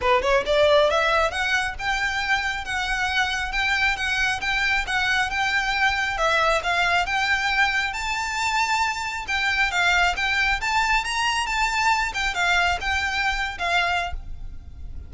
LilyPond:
\new Staff \with { instrumentName = "violin" } { \time 4/4 \tempo 4 = 136 b'8 cis''8 d''4 e''4 fis''4 | g''2 fis''2 | g''4 fis''4 g''4 fis''4 | g''2 e''4 f''4 |
g''2 a''2~ | a''4 g''4 f''4 g''4 | a''4 ais''4 a''4. g''8 | f''4 g''4.~ g''16 f''4~ f''16 | }